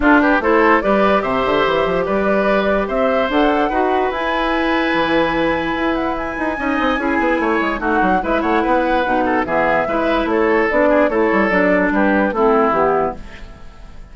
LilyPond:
<<
  \new Staff \with { instrumentName = "flute" } { \time 4/4 \tempo 4 = 146 a'8 b'8 c''4 d''4 e''4~ | e''4 d''2 e''4 | fis''2 gis''2~ | gis''2~ gis''8 fis''8 gis''4~ |
gis''2. fis''4 | e''8 fis''2~ fis''8 e''4~ | e''4 cis''4 d''4 cis''4 | d''4 b'4 a'4 g'4 | }
  \new Staff \with { instrumentName = "oboe" } { \time 4/4 f'8 g'8 a'4 b'4 c''4~ | c''4 b'2 c''4~ | c''4 b'2.~ | b'1 |
dis''4 gis'4 cis''4 fis'4 | b'8 cis''8 b'4. a'8 gis'4 | b'4 a'4. gis'8 a'4~ | a'4 g'4 e'2 | }
  \new Staff \with { instrumentName = "clarinet" } { \time 4/4 d'4 e'4 g'2~ | g'1 | a'4 fis'4 e'2~ | e'1 |
dis'4 e'2 dis'4 | e'2 dis'4 b4 | e'2 d'4 e'4 | d'2 c'4 b4 | }
  \new Staff \with { instrumentName = "bassoon" } { \time 4/4 d'4 a4 g4 c8 d8 | e8 f8 g2 c'4 | d'4 dis'4 e'2 | e2 e'4. dis'8 |
cis'8 c'8 cis'8 b8 a8 gis8 a8 fis8 | gis8 a8 b4 b,4 e4 | gis4 a4 b4 a8 g8 | fis4 g4 a4 e4 | }
>>